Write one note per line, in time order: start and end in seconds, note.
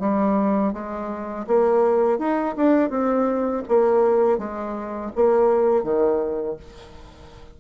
0.00 0.73 G3
0.73 1.46 G#3
1.47 2.19 A#3
2.19 2.55 D#4
2.56 2.90 D4
2.90 3.63 C4
3.68 4.38 A#3
4.38 5.12 G#3
5.16 5.84 A#3
5.84 6.57 D#3